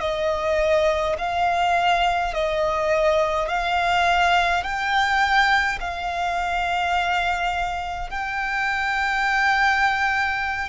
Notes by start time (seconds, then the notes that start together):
0.00 D#5
1.18 F5
2.33 D#5
3.48 F5
4.63 G5
5.80 F5
8.10 G5